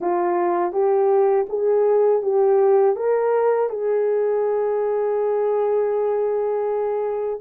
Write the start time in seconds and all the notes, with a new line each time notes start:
0.00 F4
0.72 G4
1.49 G#4
2.22 G4
2.96 A#4
3.69 G#4